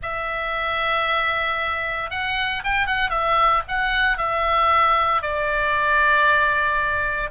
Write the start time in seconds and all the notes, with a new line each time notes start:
0.02 E5
2.10 F#5
2.63 G5
2.86 F#5
3.10 E5
3.68 F#5
4.17 E5
5.22 D5